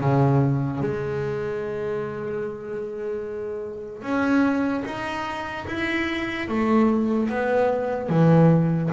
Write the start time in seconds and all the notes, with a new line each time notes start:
0.00 C#3
0.80 G#3
4.02 C#4
4.85 D#4
5.67 E4
6.48 A3
7.29 B3
8.09 E3